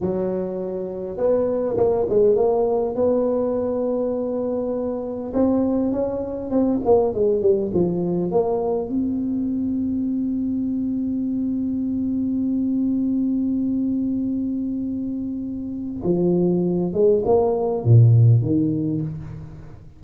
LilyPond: \new Staff \with { instrumentName = "tuba" } { \time 4/4 \tempo 4 = 101 fis2 b4 ais8 gis8 | ais4 b2.~ | b4 c'4 cis'4 c'8 ais8 | gis8 g8 f4 ais4 c'4~ |
c'1~ | c'1~ | c'2. f4~ | f8 gis8 ais4 ais,4 dis4 | }